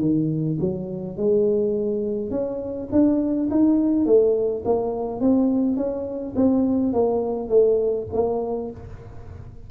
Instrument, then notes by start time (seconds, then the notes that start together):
tuba
0.00 D#3
0.60 F#3
1.16 G#3
2.31 C#4
2.92 D4
3.50 D#4
4.05 A3
4.65 A#3
5.20 C4
5.76 C#4
6.36 C4
6.93 A#3
7.48 A3
8.13 A#3